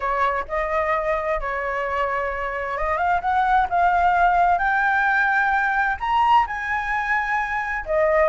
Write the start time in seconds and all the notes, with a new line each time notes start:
0.00 C#5
0.48 D#5
1.40 C#5
2.77 D#5
2.97 F5
3.21 F#5
3.69 F5
4.58 G5
5.99 A#5
6.46 G#5
7.85 D#5